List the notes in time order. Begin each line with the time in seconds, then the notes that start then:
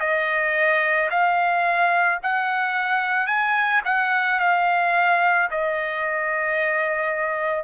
0.00 D#5
1.10 F5
2.23 F#5
3.27 G#5
3.85 F#5
4.40 F5
5.50 D#5